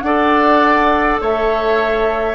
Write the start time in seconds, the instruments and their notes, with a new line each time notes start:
0.00 bassoon D4, clarinet A4, oboe D5, flute F#5
1.20 bassoon A3, oboe C#5, flute E5